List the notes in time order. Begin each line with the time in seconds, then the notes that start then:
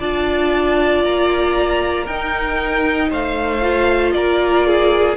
0.00 D4 F4 D5 A5
1.04 A#3 A#5
2.04 D#4 A#4 G5
3.11 A3 C5 F5
3.62 F4
4.12 A#3 A#4 D5
4.67 G#4